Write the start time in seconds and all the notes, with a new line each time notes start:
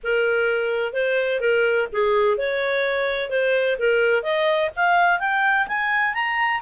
0.03 A#4
0.93 C5
1.40 A#4
1.92 G#4
2.37 C#5
3.29 C5
3.78 A#4
4.22 D#5
4.76 F5
5.19 G5
5.67 G#5
6.14 A#5